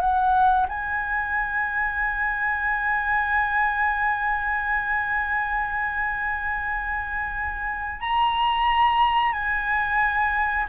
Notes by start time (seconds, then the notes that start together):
0.00 F#5
0.69 G#5
8.01 A#5
9.33 G#5